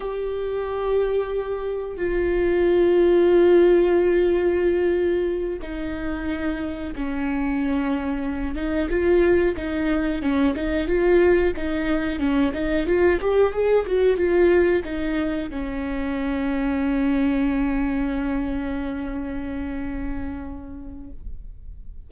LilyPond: \new Staff \with { instrumentName = "viola" } { \time 4/4 \tempo 4 = 91 g'2. f'4~ | f'1~ | f'8 dis'2 cis'4.~ | cis'4 dis'8 f'4 dis'4 cis'8 |
dis'8 f'4 dis'4 cis'8 dis'8 f'8 | g'8 gis'8 fis'8 f'4 dis'4 cis'8~ | cis'1~ | cis'1 | }